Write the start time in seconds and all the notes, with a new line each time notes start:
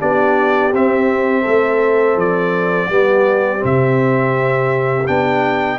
0.00 B3 D4 G4 D5
0.73 C4 E5
1.43 A3 A4
2.16 F3 D5
2.90 G3 B3 G4
3.59 C3 C4
3.65 E5
5.07 B3 D4 G5